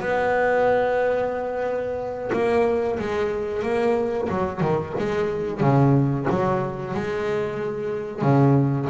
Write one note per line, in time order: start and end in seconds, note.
0.00 2.31 B3
2.32 2.98 A#3
2.99 3.62 G#3
3.62 4.28 A#3
4.29 4.60 F#3
4.60 4.93 D#3
4.98 5.60 G#3
5.60 6.26 C#3
6.29 6.94 F#3
6.94 8.21 G#3
8.21 8.87 C#3